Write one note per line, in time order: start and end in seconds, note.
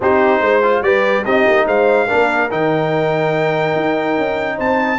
0.00 0.40 C4
0.00 0.62 D#4
0.00 0.40 G4
0.00 0.82 C5
0.40 0.81 G#3
0.40 0.82 C5
0.62 0.83 F4
0.81 1.23 G3
0.81 1.25 G4
0.81 1.24 B4
0.81 1.24 D5
1.24 1.46 C4
1.24 2.08 D#4
1.24 1.65 G4
1.24 1.66 D#5
1.47 1.66 A#3
1.66 2.08 G#3
1.66 2.06 C5
1.66 2.50 F5
2.06 2.49 D4
2.06 4.56 A#4
2.13 2.51 A#3
2.50 3.75 D#3
2.50 4.98 D#4
2.50 4.59 G5
3.75 4.17 D#4
4.17 4.58 C#4
4.56 4.98 C4
4.56 4.98 C5
4.56 4.98 A5